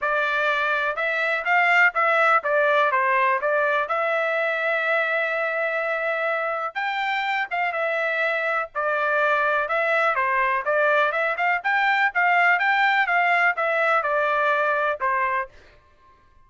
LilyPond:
\new Staff \with { instrumentName = "trumpet" } { \time 4/4 \tempo 4 = 124 d''2 e''4 f''4 | e''4 d''4 c''4 d''4 | e''1~ | e''2 g''4. f''8 |
e''2 d''2 | e''4 c''4 d''4 e''8 f''8 | g''4 f''4 g''4 f''4 | e''4 d''2 c''4 | }